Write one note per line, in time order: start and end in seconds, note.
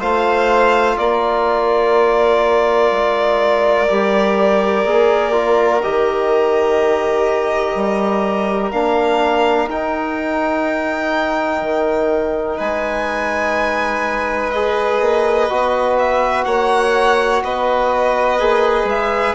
0.00 0.98 A3
0.00 3.88 F4
0.00 0.97 C5
0.00 0.98 F5
0.98 2.92 A#3
0.98 12.58 A#4
0.98 5.82 D5
2.92 3.89 G#3
3.88 4.85 G3
3.88 4.85 G4
4.85 5.82 A#3
4.85 5.33 G#4
5.33 5.81 F4
5.83 7.75 D#3
5.83 8.73 G4
5.83 8.72 D#5
7.75 8.72 G3
8.72 9.68 A#3
8.72 9.69 D4
8.72 9.69 F5
9.68 11.62 D#4
9.68 14.54 D#4
9.68 12.59 G5
11.62 12.59 D#3
12.58 15.01 G#3
12.58 16.45 B4
12.58 14.51 G#5
14.51 15.50 G#4
14.51 15.96 D#5
15.01 15.49 A#3
15.50 16.46 B3
15.50 18.40 F#4
15.99 16.45 E5
16.45 17.43 A#3
16.45 17.44 C#5
16.45 17.42 F#5
17.44 18.40 B3
17.44 19.35 B4
17.44 18.89 D#5
18.40 18.84 A#3
18.40 19.35 G#4
18.84 19.33 G#3
18.84 19.35 E5